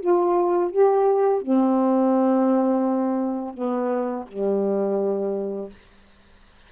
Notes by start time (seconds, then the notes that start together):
0.00 F4
0.71 G4
1.42 C4
3.54 B3
4.27 G3